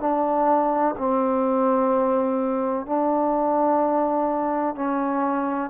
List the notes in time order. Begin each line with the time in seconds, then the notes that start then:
0.00 D4
0.98 C4
2.86 D4
4.75 C#4